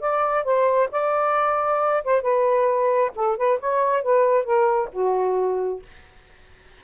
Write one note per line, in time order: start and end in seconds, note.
0.00 0.44 D5
0.44 0.89 C5
0.91 2.03 D5
2.04 2.21 C5
2.21 3.11 B4
3.15 3.37 A4
3.37 3.59 B4
3.59 4.02 C#5
4.02 4.44 B4
4.44 4.88 A#4
4.92 5.82 F#4